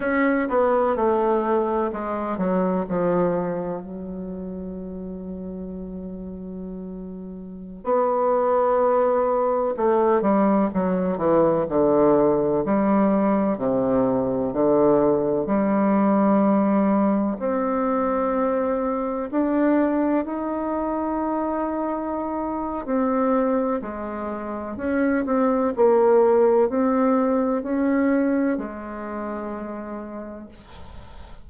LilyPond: \new Staff \with { instrumentName = "bassoon" } { \time 4/4 \tempo 4 = 63 cis'8 b8 a4 gis8 fis8 f4 | fis1~ | fis16 b2 a8 g8 fis8 e16~ | e16 d4 g4 c4 d8.~ |
d16 g2 c'4.~ c'16~ | c'16 d'4 dis'2~ dis'8. | c'4 gis4 cis'8 c'8 ais4 | c'4 cis'4 gis2 | }